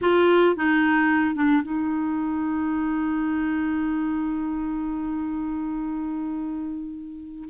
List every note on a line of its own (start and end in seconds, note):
0.01 0.56 F4
0.56 1.35 D#4
1.35 1.62 D4
1.62 7.49 D#4